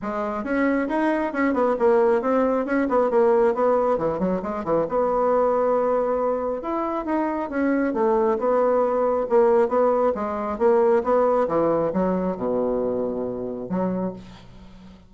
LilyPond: \new Staff \with { instrumentName = "bassoon" } { \time 4/4 \tempo 4 = 136 gis4 cis'4 dis'4 cis'8 b8 | ais4 c'4 cis'8 b8 ais4 | b4 e8 fis8 gis8 e8 b4~ | b2. e'4 |
dis'4 cis'4 a4 b4~ | b4 ais4 b4 gis4 | ais4 b4 e4 fis4 | b,2. fis4 | }